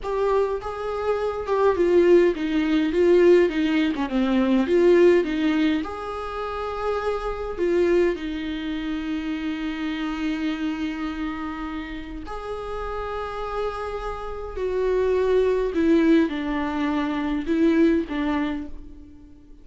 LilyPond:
\new Staff \with { instrumentName = "viola" } { \time 4/4 \tempo 4 = 103 g'4 gis'4. g'8 f'4 | dis'4 f'4 dis'8. cis'16 c'4 | f'4 dis'4 gis'2~ | gis'4 f'4 dis'2~ |
dis'1~ | dis'4 gis'2.~ | gis'4 fis'2 e'4 | d'2 e'4 d'4 | }